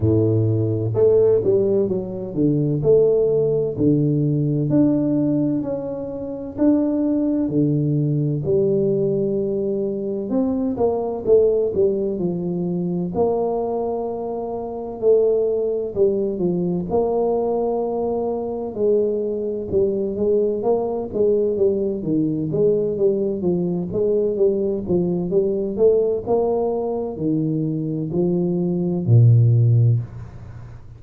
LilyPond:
\new Staff \with { instrumentName = "tuba" } { \time 4/4 \tempo 4 = 64 a,4 a8 g8 fis8 d8 a4 | d4 d'4 cis'4 d'4 | d4 g2 c'8 ais8 | a8 g8 f4 ais2 |
a4 g8 f8 ais2 | gis4 g8 gis8 ais8 gis8 g8 dis8 | gis8 g8 f8 gis8 g8 f8 g8 a8 | ais4 dis4 f4 ais,4 | }